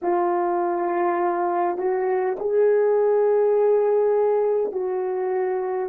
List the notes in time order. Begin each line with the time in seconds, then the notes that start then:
0.02 F4
1.77 F#4
2.39 G#4
4.72 F#4